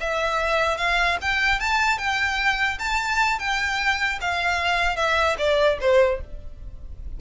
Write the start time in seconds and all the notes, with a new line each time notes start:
0.00 E5
0.77 F5
1.21 G5
1.60 A5
1.98 G5
2.79 A5
3.39 G5
4.21 F5
4.96 E5
5.38 D5
5.80 C5